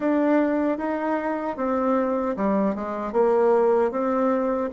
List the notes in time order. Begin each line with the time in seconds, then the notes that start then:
0.00 D4
0.78 D#4
1.56 C4
2.36 G3
2.75 G#3
3.12 A#3
3.91 C4